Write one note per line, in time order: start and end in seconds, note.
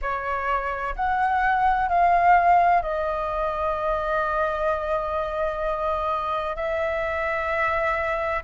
0.01 0.95 C#5
0.95 1.88 F#5
1.88 2.81 F5
2.81 6.55 D#5
6.55 8.43 E5